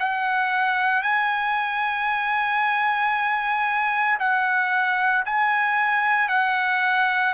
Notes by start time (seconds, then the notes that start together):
0.00 F#5
1.03 G#5
4.20 F#5
5.26 G#5
6.29 F#5